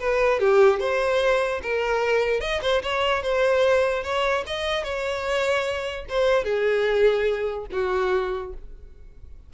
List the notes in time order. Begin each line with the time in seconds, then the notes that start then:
0.00 B4
0.40 G4
0.80 C5
1.63 A#4
2.41 D#5
2.62 C5
2.82 C#5
3.23 C5
4.04 C#5
4.46 D#5
4.84 C#5
6.09 C5
6.44 G#4
7.72 F#4